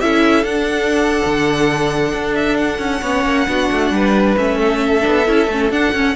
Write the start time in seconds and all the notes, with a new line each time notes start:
0.00 C#4 E4 A4 E5
0.43 D4 F#5
1.25 D3
2.13 D4
2.34 E5
2.56 F#5
2.79 C#4
3.01 B3 C#4 C#5
3.24 A#3
3.47 B3 D4 F#4
3.71 A3
3.90 G3 B4
4.37 A3 C#4 E5
4.57 A4
5.01 B3 D4
5.26 C#4 E4
5.47 A3 C#4
5.69 D4 F#5
5.93 C#4